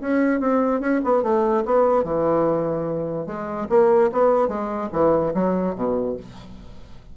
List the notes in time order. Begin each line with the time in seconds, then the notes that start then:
0.00 C#4
0.40 C4
0.80 C#4
1.04 B3
1.22 A3
1.65 B3
2.03 E3
3.26 G#3
3.69 A#3
4.12 B3
4.48 G#3
4.92 E3
5.34 F#3
5.75 B2